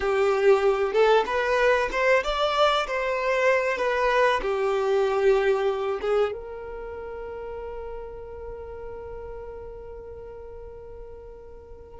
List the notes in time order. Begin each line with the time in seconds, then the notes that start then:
0.00 G4
0.92 A4
1.26 B4
1.91 C5
2.23 D5
2.87 C5
3.77 B4
4.42 G4
6.01 G#4
6.32 A#4